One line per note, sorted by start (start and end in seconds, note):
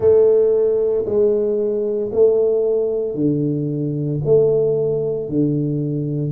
0.00 1.05 A3
1.05 2.11 G#3
2.12 3.14 A3
3.14 4.20 D3
4.24 5.28 A3
5.28 6.32 D3